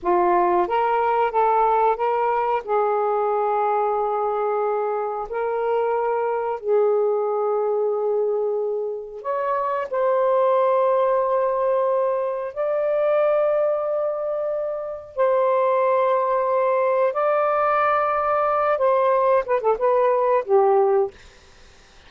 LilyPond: \new Staff \with { instrumentName = "saxophone" } { \time 4/4 \tempo 4 = 91 f'4 ais'4 a'4 ais'4 | gis'1 | ais'2 gis'2~ | gis'2 cis''4 c''4~ |
c''2. d''4~ | d''2. c''4~ | c''2 d''2~ | d''8 c''4 b'16 a'16 b'4 g'4 | }